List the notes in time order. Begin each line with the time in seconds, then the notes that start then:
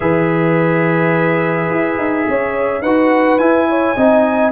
0.00 E3 G#4 B4 E5
1.70 E4
1.98 D#4
2.28 C#4 C#5
2.82 D#4 F#4 B4 F#5
3.38 E4 G#5
3.69 C#5
3.96 C4 D#4 D#5